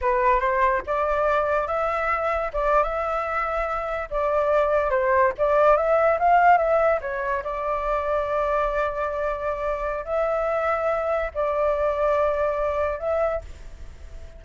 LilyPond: \new Staff \with { instrumentName = "flute" } { \time 4/4 \tempo 4 = 143 b'4 c''4 d''2 | e''2 d''8. e''4~ e''16~ | e''4.~ e''16 d''2 c''16~ | c''8. d''4 e''4 f''4 e''16~ |
e''8. cis''4 d''2~ d''16~ | d''1 | e''2. d''4~ | d''2. e''4 | }